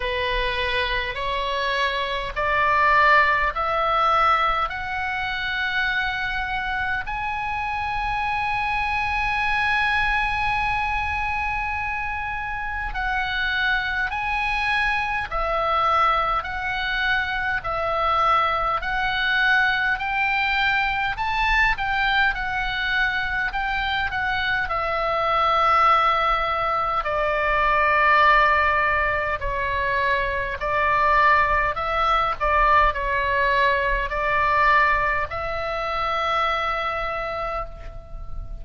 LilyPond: \new Staff \with { instrumentName = "oboe" } { \time 4/4 \tempo 4 = 51 b'4 cis''4 d''4 e''4 | fis''2 gis''2~ | gis''2. fis''4 | gis''4 e''4 fis''4 e''4 |
fis''4 g''4 a''8 g''8 fis''4 | g''8 fis''8 e''2 d''4~ | d''4 cis''4 d''4 e''8 d''8 | cis''4 d''4 e''2 | }